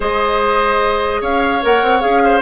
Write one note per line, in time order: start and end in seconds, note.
0.00 1.21 G#3
0.00 1.61 G#4
0.00 1.21 C5
0.00 1.22 D#5
1.21 1.62 C#4
1.21 2.22 C#5
1.21 1.63 F5
1.62 1.82 A#3
1.62 2.00 A#4
1.62 2.00 F#5
1.82 2.02 C4
2.00 2.41 C#4
2.00 2.41 G#4
2.00 2.41 F5
2.24 2.41 C5